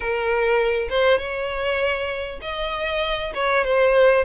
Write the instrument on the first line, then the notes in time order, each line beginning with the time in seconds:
violin
0.00 A#4
0.89 C5
1.18 C#5
2.41 D#5
3.34 C#5
3.64 C5